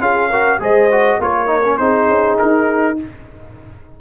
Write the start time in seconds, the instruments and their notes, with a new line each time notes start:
0.00 tuba C#4, trombone F4, horn G#4, trumpet F5
0.30 trombone F#4, horn A#4
0.60 tuba G#3, trombone G#4, horn C5, trumpet D#5
0.92 trombone F#4
1.19 tuba A#3, trombone F4, horn A#4, trumpet C#5
1.47 trombone D#4
1.65 trombone C#4
1.78 tuba C4, trombone D#4, horn G#4, trumpet C5
2.09 tuba C#4
2.39 tuba D#4, trumpet A#4